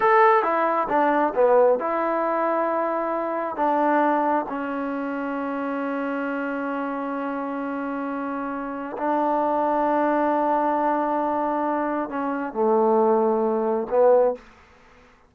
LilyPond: \new Staff \with { instrumentName = "trombone" } { \time 4/4 \tempo 4 = 134 a'4 e'4 d'4 b4 | e'1 | d'2 cis'2~ | cis'1~ |
cis'1 | d'1~ | d'2. cis'4 | a2. b4 | }